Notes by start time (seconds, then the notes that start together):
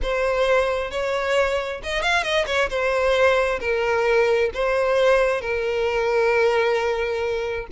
0.02 C5
0.90 C#5
1.83 D#5
2.02 F5
2.23 D#5
2.46 C#5
2.69 C5
3.60 A#4
4.54 C5
5.41 A#4